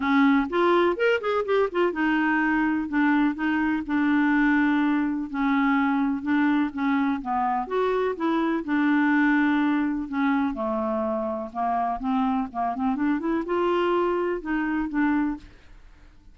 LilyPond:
\new Staff \with { instrumentName = "clarinet" } { \time 4/4 \tempo 4 = 125 cis'4 f'4 ais'8 gis'8 g'8 f'8 | dis'2 d'4 dis'4 | d'2. cis'4~ | cis'4 d'4 cis'4 b4 |
fis'4 e'4 d'2~ | d'4 cis'4 a2 | ais4 c'4 ais8 c'8 d'8 e'8 | f'2 dis'4 d'4 | }